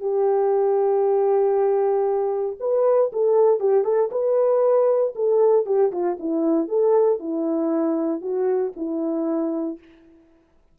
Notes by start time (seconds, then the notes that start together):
0.00 G4
2.60 B4
3.12 A4
3.59 G4
3.84 A4
4.11 B4
5.15 A4
5.65 G4
5.92 F4
6.19 E4
6.68 A4
7.19 E4
8.21 F#4
8.76 E4